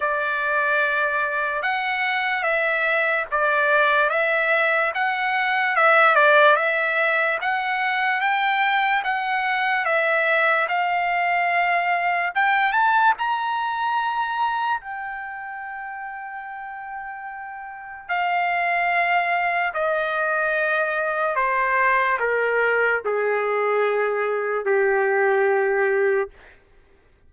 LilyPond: \new Staff \with { instrumentName = "trumpet" } { \time 4/4 \tempo 4 = 73 d''2 fis''4 e''4 | d''4 e''4 fis''4 e''8 d''8 | e''4 fis''4 g''4 fis''4 | e''4 f''2 g''8 a''8 |
ais''2 g''2~ | g''2 f''2 | dis''2 c''4 ais'4 | gis'2 g'2 | }